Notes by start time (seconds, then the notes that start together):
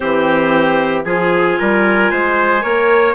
0.00 E3 C4 G4 C5
1.04 F3 F4 G#4 G#5
1.59 G3 A#4
2.11 G#3 C5
2.61 A#3 A#4 C#5